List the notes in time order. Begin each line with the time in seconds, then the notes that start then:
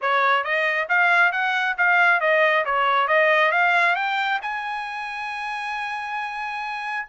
0.01 C#5
0.44 D#5
0.88 F5
1.31 F#5
1.77 F5
2.20 D#5
2.65 C#5
3.07 D#5
3.51 F5
3.95 G5
4.42 G#5